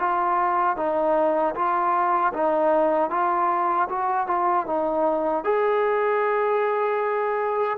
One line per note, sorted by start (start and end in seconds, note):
0.00 0.77 F4
0.77 1.55 D#4
1.55 2.33 F4
2.34 3.11 D#4
3.11 3.89 F4
3.89 4.28 F#4
4.28 4.66 F4
4.67 5.45 D#4
5.45 7.79 G#4